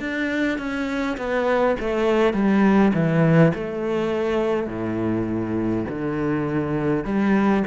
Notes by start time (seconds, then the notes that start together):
0.00 D4
0.58 C#4
1.18 B3
1.80 A3
2.34 G3
2.94 E3
3.55 A3
4.67 A2
5.89 D3
7.05 G3